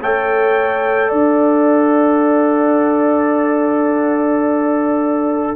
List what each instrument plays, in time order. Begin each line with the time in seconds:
0.00 tuba A3, trombone A4, horn C#5, trumpet G5
1.08 tuba D4, horn D5, trumpet F#5